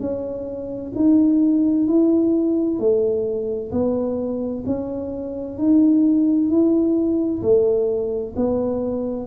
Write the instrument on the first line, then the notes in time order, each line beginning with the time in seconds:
tuba
0.00 C#4
0.95 D#4
1.88 E4
2.79 A3
3.72 B3
4.66 C#4
5.58 D#4
6.50 E4
7.42 A3
8.36 B3